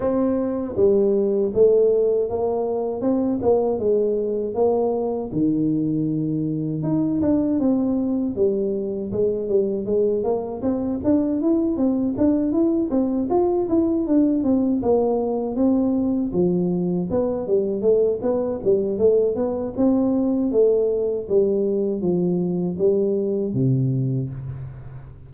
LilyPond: \new Staff \with { instrumentName = "tuba" } { \time 4/4 \tempo 4 = 79 c'4 g4 a4 ais4 | c'8 ais8 gis4 ais4 dis4~ | dis4 dis'8 d'8 c'4 g4 | gis8 g8 gis8 ais8 c'8 d'8 e'8 c'8 |
d'8 e'8 c'8 f'8 e'8 d'8 c'8 ais8~ | ais8 c'4 f4 b8 g8 a8 | b8 g8 a8 b8 c'4 a4 | g4 f4 g4 c4 | }